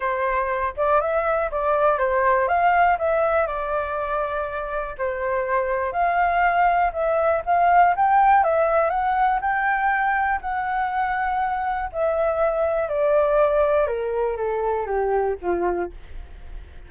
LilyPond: \new Staff \with { instrumentName = "flute" } { \time 4/4 \tempo 4 = 121 c''4. d''8 e''4 d''4 | c''4 f''4 e''4 d''4~ | d''2 c''2 | f''2 e''4 f''4 |
g''4 e''4 fis''4 g''4~ | g''4 fis''2. | e''2 d''2 | ais'4 a'4 g'4 f'4 | }